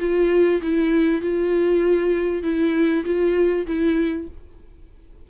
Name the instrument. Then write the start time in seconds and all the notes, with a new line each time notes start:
viola
0.00 F4
0.62 E4
1.22 F4
2.43 E4
3.05 F4
3.67 E4